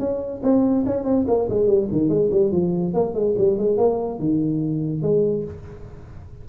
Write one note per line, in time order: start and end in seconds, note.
0.00 0.42 C#4
0.43 0.85 C4
0.87 1.05 C#4
1.05 1.26 C4
1.28 1.49 A#3
1.50 1.68 G#3
1.68 1.89 G3
1.92 2.09 D#3
2.09 2.30 G#3
2.32 2.53 G3
2.53 2.94 F3
2.94 3.15 A#3
3.15 3.36 G#3
3.39 3.59 G3
3.59 3.78 G#3
3.78 4.20 A#3
4.20 5.03 D#3
5.03 5.45 G#3